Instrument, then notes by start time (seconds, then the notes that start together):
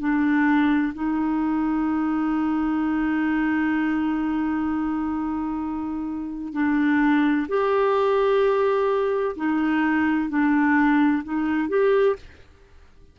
clarinet
0.00 D4
0.94 D#4
6.54 D4
7.49 G4
9.37 D#4
10.30 D4
11.24 D#4
11.69 G4